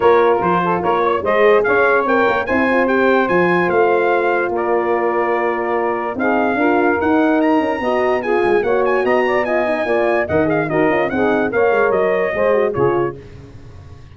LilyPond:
<<
  \new Staff \with { instrumentName = "trumpet" } { \time 4/4 \tempo 4 = 146 cis''4 c''4 cis''4 dis''4 | f''4 g''4 gis''4 g''4 | gis''4 f''2 d''4~ | d''2. f''4~ |
f''4 fis''4 ais''2 | gis''4 fis''8 gis''8 ais''4 gis''4~ | gis''4 fis''8 f''8 dis''4 fis''4 | f''4 dis''2 cis''4 | }
  \new Staff \with { instrumentName = "saxophone" } { \time 4/4 ais'4. a'8 ais'8 cis''8 c''4 | cis''2 c''2~ | c''2. ais'4~ | ais'2. gis'4 |
ais'2. dis''4 | gis'4 cis''4 dis''8 d''8 dis''4 | d''4 dis''4 ais'4 gis'4 | cis''2 c''4 gis'4 | }
  \new Staff \with { instrumentName = "horn" } { \time 4/4 f'2. gis'4~ | gis'4 ais'4 e'8 f'8 g'4 | f'1~ | f'2. dis'4 |
f'4 dis'2 fis'4 | f'4 fis'2 f'8 dis'8 | f'4 ais'8 gis'8 fis'8 f'8 dis'4 | ais'2 gis'8 fis'8 f'4 | }
  \new Staff \with { instrumentName = "tuba" } { \time 4/4 ais4 f4 ais4 gis4 | cis'4 c'8 ais8 c'2 | f4 a2 ais4~ | ais2. c'4 |
d'4 dis'4. cis'8 b4~ | b8 gis8 ais4 b2 | ais4 dis4 dis'8 cis'8 c'4 | ais8 gis8 fis4 gis4 cis4 | }
>>